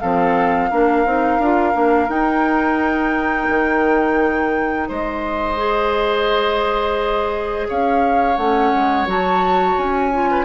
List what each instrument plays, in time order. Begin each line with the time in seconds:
0.00 bassoon F3, clarinet C4, oboe A4, flute F5
0.70 bassoon A#3, clarinet D4, oboe A#4
1.06 bassoon C4, clarinet D#4
1.39 bassoon D4, clarinet F4
1.73 bassoon A#3, clarinet D4
2.08 bassoon D#4, clarinet D#4, flute G5
3.49 bassoon D#3
4.88 bassoon G#3, oboe C5, flute D#5
5.57 clarinet G#4
7.69 bassoon C#4, oboe C#5, flute F5
8.36 bassoon A3, clarinet C#4, flute F#5
8.75 bassoon G#3
9.06 bassoon F#3, clarinet F#4, flute A5
9.77 bassoon C#4, flute G#5
10.12 clarinet F4
10.31 oboe B4